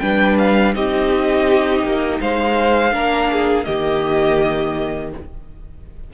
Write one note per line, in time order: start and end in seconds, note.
0.00 0.75 G3
0.00 0.74 D4
0.00 0.75 B4
0.00 0.37 G5
0.39 0.75 F5
0.74 1.84 C4
0.74 2.92 D#4
0.74 2.21 G4
0.74 2.21 D#5
1.84 2.20 A#3
2.21 2.93 G#3
2.21 2.94 C5
2.21 3.65 F5
2.92 3.66 A#3
2.92 3.65 D4
2.92 3.31 A#4
3.32 3.67 G#4
3.65 5.14 D#3
3.65 5.13 A#3
3.65 5.13 G4
3.65 5.11 D#5